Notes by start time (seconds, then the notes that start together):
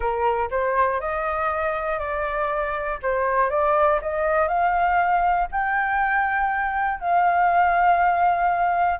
0.00 A#4
0.50 C5
1.00 D#5
1.99 D5
3.02 C5
3.50 D5
4.01 D#5
4.47 F5
5.51 G5
7.00 F5